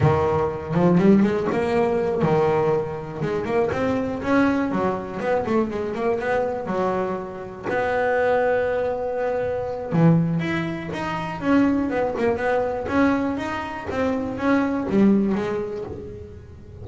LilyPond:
\new Staff \with { instrumentName = "double bass" } { \time 4/4 \tempo 4 = 121 dis4. f8 g8 gis8 ais4~ | ais8 dis2 gis8 ais8 c'8~ | c'8 cis'4 fis4 b8 a8 gis8 | ais8 b4 fis2 b8~ |
b1 | e4 e'4 dis'4 cis'4 | b8 ais8 b4 cis'4 dis'4 | c'4 cis'4 g4 gis4 | }